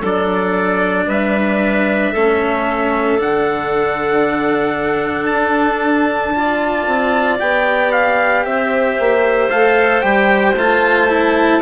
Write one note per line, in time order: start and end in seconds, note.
0.00 1.07 F#3
0.00 2.15 D4
0.00 1.05 A4
0.00 1.10 D5
1.07 2.12 G3
1.07 2.13 B4
1.07 3.20 E5
2.13 3.20 A3
2.13 3.19 C#4
2.13 6.34 A4
3.19 5.30 D3
3.19 6.35 D4
3.19 5.27 F#5
5.27 6.87 D4
5.27 7.37 A5
6.35 7.40 F4
6.35 8.47 D5
6.87 7.40 C4
7.40 8.46 B3
7.40 9.50 G4
7.40 7.92 G5
7.92 8.45 F5
8.46 8.98 C4
8.46 11.62 C5
8.46 9.50 E5
9.00 9.50 A#3
9.50 10.02 A3
9.50 10.02 A4
9.50 10.02 F5
10.02 10.55 G3
10.02 10.55 G4
10.02 10.55 G5
10.55 11.61 A3
10.55 11.09 F4
10.55 11.63 A5
11.09 11.62 E4